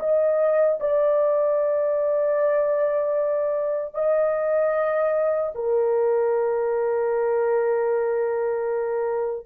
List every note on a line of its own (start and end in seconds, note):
0.00 0.79 D#5
0.80 3.95 D5
3.95 5.53 D#5
5.55 9.47 A#4